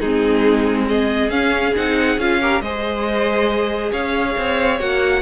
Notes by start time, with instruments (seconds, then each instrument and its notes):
0.00 cello G#3, viola C4, violin D#4 G#4
0.88 violin G#4 D#5
1.30 cello C#4, viola C#4, violin F5
1.75 cello C4, viola D#4, violin F#5
2.17 cello C#4, viola F4, violin F5
2.41 viola G4, violin A#4
2.61 cello G#3, viola G#4, violin C5 D#5
3.91 cello C#4, violin C#5 F5
4.38 cello C4
4.79 cello A#3, viola F#4, violin F#5